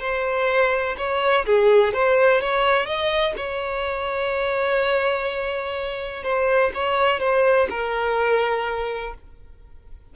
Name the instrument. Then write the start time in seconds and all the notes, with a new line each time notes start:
violin
0.00 C5
0.98 C#5
1.46 G#4
1.94 C5
2.41 C#5
2.86 D#5
3.37 C#5
6.23 C5
6.75 C#5
7.20 C5
7.70 A#4